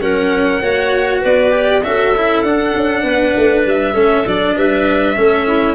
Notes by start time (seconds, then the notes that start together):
0.00 F#3 C#4 A#4 F#5
0.61 A#3 F#4 C#5
1.21 B3 B4 D5
1.51 G4
1.83 C#4 F#4 A4 E5
2.17 E4
2.42 D4 F#5
2.75 C#4
3.03 B3 B4
3.36 A3
3.65 G3 E5
3.94 A3 C#4 A4
4.26 F#3 D4 D5
4.56 G3 B4 E5
5.15 A3 C#4 A4
5.47 E4